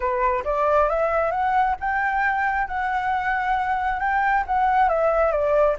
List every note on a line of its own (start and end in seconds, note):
0.00 0.43 B4
0.44 0.89 D5
0.89 1.31 E5
1.31 1.75 F#5
1.79 2.67 G5
2.67 3.99 F#5
3.99 4.44 G5
4.46 4.88 F#5
4.88 5.31 E5
5.31 5.76 D5